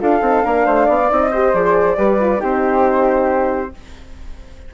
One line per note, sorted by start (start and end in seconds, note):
0.00 0.22 D4
0.00 0.22 F4
0.00 0.45 A4
0.00 1.12 F5
0.22 0.44 C4
0.22 0.41 D#4
0.41 0.67 A#3
0.41 1.07 D4
0.41 0.66 A#4
0.66 0.89 A3
0.66 0.86 C5
0.86 1.11 B3
0.86 1.30 D5
1.10 1.54 C4
1.10 1.32 D#4
1.10 1.55 D#5
1.31 1.53 G4
1.31 1.97 C5
1.53 1.98 F3
1.53 1.97 G#4
1.53 2.43 D5
1.97 2.41 G3
1.97 2.19 G4
1.97 2.41 B4
2.21 2.38 F4
2.38 3.74 C4
2.38 3.70 D#4
2.38 3.72 G4
2.38 3.75 C5